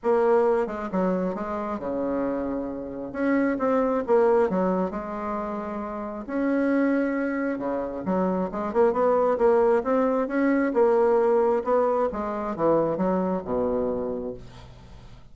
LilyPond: \new Staff \with { instrumentName = "bassoon" } { \time 4/4 \tempo 4 = 134 ais4. gis8 fis4 gis4 | cis2. cis'4 | c'4 ais4 fis4 gis4~ | gis2 cis'2~ |
cis'4 cis4 fis4 gis8 ais8 | b4 ais4 c'4 cis'4 | ais2 b4 gis4 | e4 fis4 b,2 | }